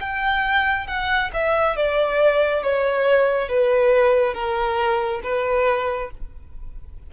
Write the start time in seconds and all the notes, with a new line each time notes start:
0.00 G5
0.87 F#5
1.34 E5
1.76 D5
2.63 C#5
3.49 B4
4.34 A#4
5.23 B4